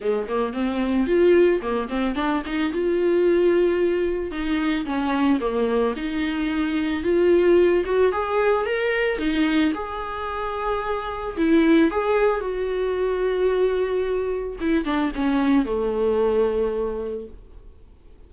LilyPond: \new Staff \with { instrumentName = "viola" } { \time 4/4 \tempo 4 = 111 gis8 ais8 c'4 f'4 ais8 c'8 | d'8 dis'8 f'2. | dis'4 cis'4 ais4 dis'4~ | dis'4 f'4. fis'8 gis'4 |
ais'4 dis'4 gis'2~ | gis'4 e'4 gis'4 fis'4~ | fis'2. e'8 d'8 | cis'4 a2. | }